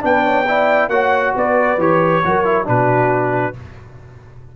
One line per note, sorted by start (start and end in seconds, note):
0.00 0.87 B3
0.00 0.44 D4
0.00 0.24 B4
0.00 0.89 G5
0.24 0.46 C#5
0.48 0.90 E4
0.48 0.91 D5
0.87 1.32 A#3
0.87 1.78 F#4
0.87 1.35 C#5
0.87 1.33 F#5
1.35 1.77 B3
1.35 2.25 B4
1.35 1.80 D5
1.77 2.21 E3
1.77 2.23 G4
1.77 2.67 C#5
2.24 2.67 F#3
2.24 2.44 F#4
2.24 2.67 A#4
2.44 2.65 E4
2.65 3.56 B2
2.65 3.53 D4
2.65 3.55 F#4
2.65 3.56 B4